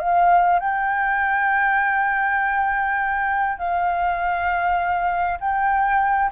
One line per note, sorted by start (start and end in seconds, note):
0.00 0.60 F5
0.60 3.59 G5
3.59 5.39 F5
5.41 6.31 G5